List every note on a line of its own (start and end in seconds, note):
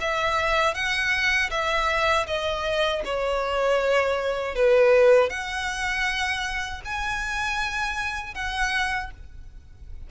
0.00 0.74 E5
0.74 1.50 F#5
1.50 2.26 E5
2.26 3.02 D#5
3.04 4.55 C#5
4.55 5.29 B4
5.29 6.81 F#5
6.85 8.34 G#5
8.34 9.10 F#5